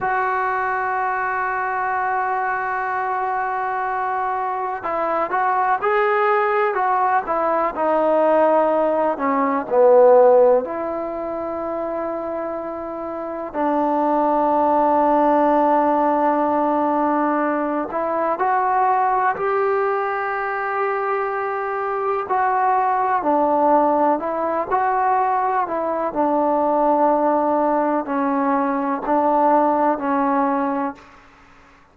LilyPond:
\new Staff \with { instrumentName = "trombone" } { \time 4/4 \tempo 4 = 62 fis'1~ | fis'4 e'8 fis'8 gis'4 fis'8 e'8 | dis'4. cis'8 b4 e'4~ | e'2 d'2~ |
d'2~ d'8 e'8 fis'4 | g'2. fis'4 | d'4 e'8 fis'4 e'8 d'4~ | d'4 cis'4 d'4 cis'4 | }